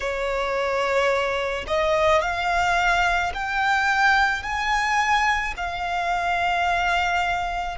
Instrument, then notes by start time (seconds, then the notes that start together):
violin
0.00 C#5
1.67 D#5
2.21 F5
3.34 G5
4.42 G#5
5.57 F5